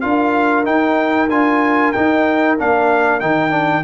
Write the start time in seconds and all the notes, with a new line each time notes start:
0.00 D4 F4 A#4 F5
0.64 D#4 G5
1.29 D4 F4 G#5
1.92 D#4 G5
2.57 A#3 D4 F5
3.20 D#3 D#4 G5
3.50 D4